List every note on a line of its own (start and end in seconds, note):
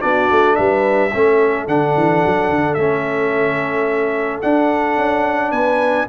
0.00 0.31 B3
0.00 1.10 D4
0.00 0.57 F#4
0.00 0.56 D5
0.31 0.58 A3
0.56 1.13 G3
0.56 1.13 B4
0.56 1.66 E5
1.14 1.67 A3
1.14 1.68 C#4
1.14 5.53 A4
1.67 1.95 D3
1.67 2.78 D4
1.67 2.74 F#5
1.97 2.24 E3
2.26 2.50 F#3
2.50 2.77 D3
2.74 4.42 A3
2.74 4.43 C#4
2.74 4.39 E5
4.42 6.08 D4
4.42 4.97 D4
4.42 5.51 F#5
4.97 5.52 C#4
5.51 6.07 B3
5.51 6.08 B4
5.51 6.07 G#5